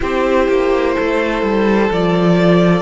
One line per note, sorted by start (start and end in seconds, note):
0.00 0.48 C4
0.00 1.90 E4
0.00 0.94 G4
0.00 1.91 C5
0.48 0.95 A#3
0.94 1.42 A3
0.94 2.81 A4
1.42 1.89 G3
1.90 2.81 F3
1.90 2.81 F4
1.90 2.81 D5